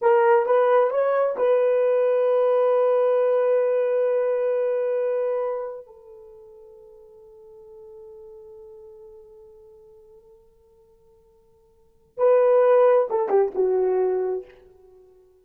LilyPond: \new Staff \with { instrumentName = "horn" } { \time 4/4 \tempo 4 = 133 ais'4 b'4 cis''4 b'4~ | b'1~ | b'1~ | b'4 a'2.~ |
a'1~ | a'1~ | a'2. b'4~ | b'4 a'8 g'8 fis'2 | }